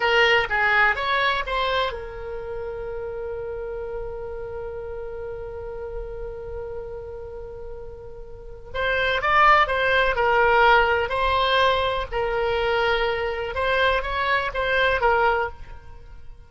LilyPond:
\new Staff \with { instrumentName = "oboe" } { \time 4/4 \tempo 4 = 124 ais'4 gis'4 cis''4 c''4 | ais'1~ | ais'1~ | ais'1~ |
ais'2 c''4 d''4 | c''4 ais'2 c''4~ | c''4 ais'2. | c''4 cis''4 c''4 ais'4 | }